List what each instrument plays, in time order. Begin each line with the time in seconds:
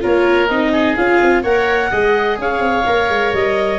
0.00 tuba A#3, viola F4, oboe A#4, clarinet C#5
0.48 tuba C4, viola D#4, clarinet D#5
0.72 oboe G#4
0.95 tuba C#4, viola F4, clarinet F5
1.21 tuba C4
1.42 tuba A#3, viola A#4, oboe C#5, clarinet F#5
1.90 tuba G#3, viola G#4, oboe D#5
2.38 tuba C#4, oboe C#5, clarinet F5
2.59 tuba C4
2.86 tuba A#3, viola A#4
3.09 tuba G#3
3.33 tuba G3, clarinet D#5